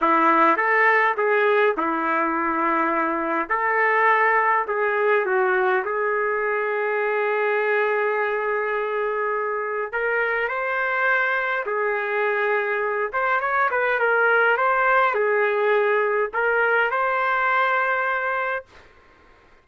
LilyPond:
\new Staff \with { instrumentName = "trumpet" } { \time 4/4 \tempo 4 = 103 e'4 a'4 gis'4 e'4~ | e'2 a'2 | gis'4 fis'4 gis'2~ | gis'1~ |
gis'4 ais'4 c''2 | gis'2~ gis'8 c''8 cis''8 b'8 | ais'4 c''4 gis'2 | ais'4 c''2. | }